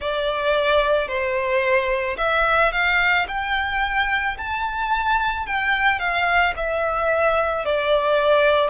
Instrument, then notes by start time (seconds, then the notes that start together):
violin
0.00 D5
1.08 C5
2.17 E5
2.72 F5
3.28 G5
4.37 A5
5.46 G5
5.99 F5
6.56 E5
7.65 D5